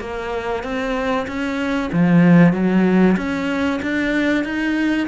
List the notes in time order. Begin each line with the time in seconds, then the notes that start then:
0.00 A#3
0.63 C4
1.27 C#4
1.92 F3
2.53 F#3
3.17 C#4
3.82 D4
4.44 D#4